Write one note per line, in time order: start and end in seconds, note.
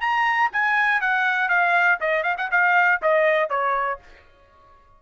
0.00 0.50 A#5
0.52 1.00 G#5
1.00 1.48 F#5
1.48 1.98 F5
2.00 2.23 D#5
2.23 2.35 F5
2.37 2.50 F#5
2.51 3.01 F5
3.02 3.49 D#5
3.49 3.99 C#5